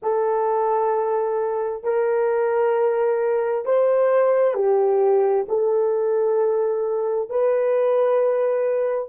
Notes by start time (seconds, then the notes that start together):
0.02 A4
1.83 A#4
3.65 C5
4.54 G4
5.48 A4
7.29 B4